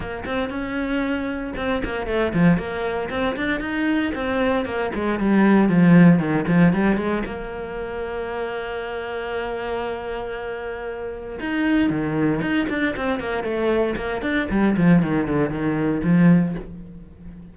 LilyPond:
\new Staff \with { instrumentName = "cello" } { \time 4/4 \tempo 4 = 116 ais8 c'8 cis'2 c'8 ais8 | a8 f8 ais4 c'8 d'8 dis'4 | c'4 ais8 gis8 g4 f4 | dis8 f8 g8 gis8 ais2~ |
ais1~ | ais2 dis'4 dis4 | dis'8 d'8 c'8 ais8 a4 ais8 d'8 | g8 f8 dis8 d8 dis4 f4 | }